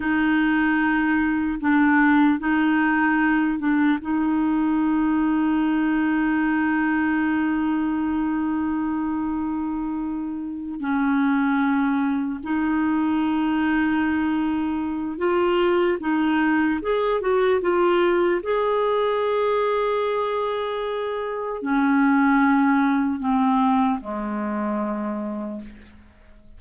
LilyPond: \new Staff \with { instrumentName = "clarinet" } { \time 4/4 \tempo 4 = 75 dis'2 d'4 dis'4~ | dis'8 d'8 dis'2.~ | dis'1~ | dis'4. cis'2 dis'8~ |
dis'2. f'4 | dis'4 gis'8 fis'8 f'4 gis'4~ | gis'2. cis'4~ | cis'4 c'4 gis2 | }